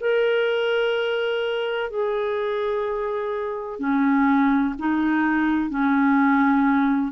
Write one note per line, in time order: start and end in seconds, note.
0.00 1.90 A#4
1.90 3.79 G#4
3.79 4.74 C#4
4.78 5.70 D#4
5.70 7.12 C#4